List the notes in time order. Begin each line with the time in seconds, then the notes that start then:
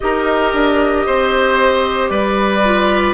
0.00 D#4 G4 A#4 D#5
0.53 D4
1.06 C4 C5
2.08 G3 B4 D5
2.64 F4